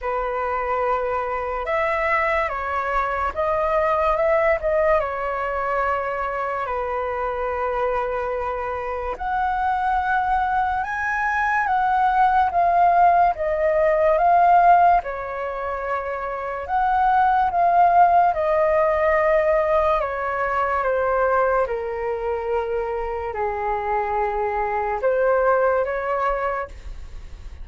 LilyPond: \new Staff \with { instrumentName = "flute" } { \time 4/4 \tempo 4 = 72 b'2 e''4 cis''4 | dis''4 e''8 dis''8 cis''2 | b'2. fis''4~ | fis''4 gis''4 fis''4 f''4 |
dis''4 f''4 cis''2 | fis''4 f''4 dis''2 | cis''4 c''4 ais'2 | gis'2 c''4 cis''4 | }